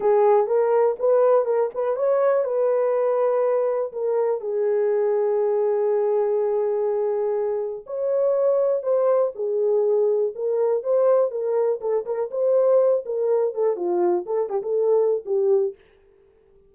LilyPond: \new Staff \with { instrumentName = "horn" } { \time 4/4 \tempo 4 = 122 gis'4 ais'4 b'4 ais'8 b'8 | cis''4 b'2. | ais'4 gis'2.~ | gis'1 |
cis''2 c''4 gis'4~ | gis'4 ais'4 c''4 ais'4 | a'8 ais'8 c''4. ais'4 a'8 | f'4 a'8 g'16 a'4~ a'16 g'4 | }